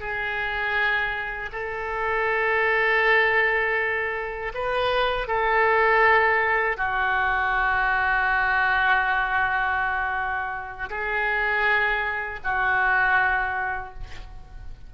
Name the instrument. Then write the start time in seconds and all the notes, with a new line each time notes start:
oboe
0.00 G#4
1.52 A4
4.54 B4
5.27 A4
6.77 F#4
10.90 G#4
12.44 F#4